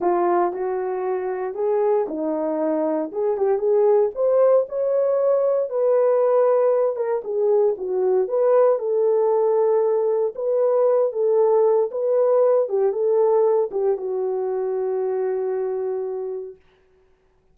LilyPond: \new Staff \with { instrumentName = "horn" } { \time 4/4 \tempo 4 = 116 f'4 fis'2 gis'4 | dis'2 gis'8 g'8 gis'4 | c''4 cis''2 b'4~ | b'4. ais'8 gis'4 fis'4 |
b'4 a'2. | b'4. a'4. b'4~ | b'8 g'8 a'4. g'8 fis'4~ | fis'1 | }